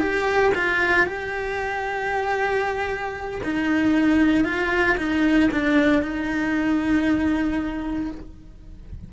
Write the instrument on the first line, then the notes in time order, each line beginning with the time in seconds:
cello
0.00 G4
0.55 F4
1.06 G4
3.44 D#4
4.44 F4
4.97 D#4
5.52 D4
6.02 D#4